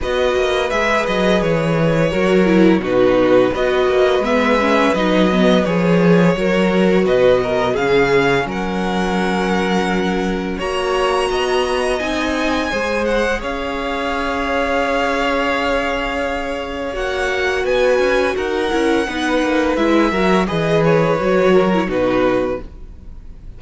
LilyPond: <<
  \new Staff \with { instrumentName = "violin" } { \time 4/4 \tempo 4 = 85 dis''4 e''8 dis''8 cis''2 | b'4 dis''4 e''4 dis''4 | cis''2 dis''4 f''4 | fis''2. ais''4~ |
ais''4 gis''4. fis''8 f''4~ | f''1 | fis''4 gis''4 fis''2 | e''4 dis''8 cis''4. b'4 | }
  \new Staff \with { instrumentName = "violin" } { \time 4/4 b'2. ais'4 | fis'4 b'2.~ | b'4 ais'4 b'8 ais'8 gis'4 | ais'2. cis''4 |
dis''2 c''4 cis''4~ | cis''1~ | cis''4 b'4 ais'4 b'4~ | b'8 ais'8 b'4. ais'8 fis'4 | }
  \new Staff \with { instrumentName = "viola" } { \time 4/4 fis'4 gis'2 fis'8 e'8 | dis'4 fis'4 b8 cis'8 dis'8 b8 | gis'4 fis'2 cis'4~ | cis'2. fis'4~ |
fis'4 dis'4 gis'2~ | gis'1 | fis'2~ fis'8 e'8 dis'4 | e'8 fis'8 gis'4 fis'8. e'16 dis'4 | }
  \new Staff \with { instrumentName = "cello" } { \time 4/4 b8 ais8 gis8 fis8 e4 fis4 | b,4 b8 ais8 gis4 fis4 | f4 fis4 b,4 cis4 | fis2. ais4 |
b4 c'4 gis4 cis'4~ | cis'1 | ais4 b8 cis'8 dis'8 cis'8 b8 ais8 | gis8 fis8 e4 fis4 b,4 | }
>>